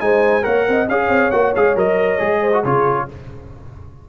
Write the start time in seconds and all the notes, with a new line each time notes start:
0.00 G#3 D#4 C5 G#5
0.42 A#3 A#4 C#5 F#5
0.68 C4 D#5
0.88 C#4 G#4 C#5 F5
1.09 C4
1.31 A#3 F#4 F#5
1.55 G#3 G#4 F5
1.75 F#3 A#4 D#5
2.18 G#3 G#4
2.41 C5
2.53 F#4
2.63 C#3 F4 G#4 C#5